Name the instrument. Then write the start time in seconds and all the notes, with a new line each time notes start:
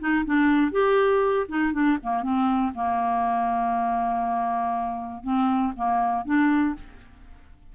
clarinet
0.00 D#4
0.26 D4
0.72 G4
1.49 D#4
1.73 D4
2.03 A#3
2.23 C4
2.75 A#3
5.23 C4
5.76 A#3
6.25 D4